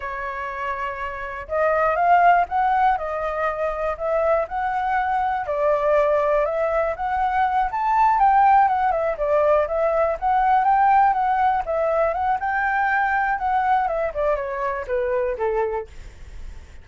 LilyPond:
\new Staff \with { instrumentName = "flute" } { \time 4/4 \tempo 4 = 121 cis''2. dis''4 | f''4 fis''4 dis''2 | e''4 fis''2 d''4~ | d''4 e''4 fis''4. a''8~ |
a''8 g''4 fis''8 e''8 d''4 e''8~ | e''8 fis''4 g''4 fis''4 e''8~ | e''8 fis''8 g''2 fis''4 | e''8 d''8 cis''4 b'4 a'4 | }